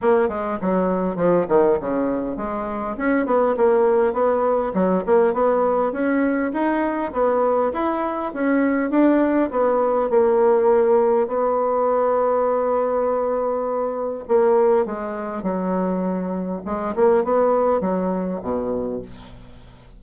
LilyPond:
\new Staff \with { instrumentName = "bassoon" } { \time 4/4 \tempo 4 = 101 ais8 gis8 fis4 f8 dis8 cis4 | gis4 cis'8 b8 ais4 b4 | fis8 ais8 b4 cis'4 dis'4 | b4 e'4 cis'4 d'4 |
b4 ais2 b4~ | b1 | ais4 gis4 fis2 | gis8 ais8 b4 fis4 b,4 | }